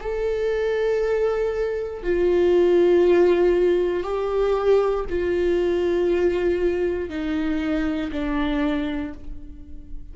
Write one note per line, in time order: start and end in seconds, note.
0.00 2.02 A4
2.02 4.03 F4
4.03 5.05 G4
5.09 7.09 F4
7.09 8.11 D#4
8.12 9.13 D4